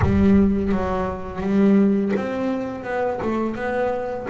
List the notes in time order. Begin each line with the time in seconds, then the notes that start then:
0.02 G3
0.72 F#3
1.41 G3
2.16 C4
2.84 B3
3.21 A3
3.55 B3